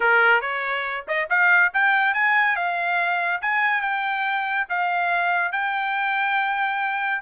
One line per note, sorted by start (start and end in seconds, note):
0.00 0.41 A#4
0.41 1.05 C#5
1.07 1.28 D#5
1.29 1.72 F5
1.73 2.14 G5
2.14 2.56 G#5
2.56 3.41 F5
3.41 3.81 G#5
3.81 4.66 G5
4.69 5.52 F5
5.52 7.21 G5